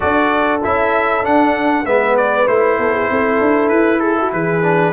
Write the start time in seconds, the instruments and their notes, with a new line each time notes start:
0.00 tuba D4, trombone F#4, horn A4, trumpet D5
0.63 tuba C#4, trombone E4, trumpet E5
1.23 trombone D4, tuba D4, trumpet F#5
1.85 tuba G#3, trombone B3, horn B4, trumpet E5
2.16 trumpet D5
2.47 tuba A3, trombone E4, trumpet C5
2.78 tuba B3, horn A4
2.93 horn G#4
3.10 tuba C4, horn A4
3.40 tuba D4
3.68 tuba E4, trumpet B4
3.99 horn G#4, trumpet A4
4.19 horn F#4
4.32 tuba E3, horn G#4, trumpet B4
4.62 trombone D4